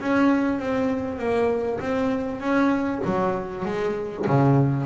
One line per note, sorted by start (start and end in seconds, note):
0.00 0.59 C#4
0.59 1.19 C4
1.19 1.80 A#3
1.80 2.40 C4
2.40 3.01 C#4
3.05 3.65 F#3
3.65 4.26 G#3
4.27 4.86 C#3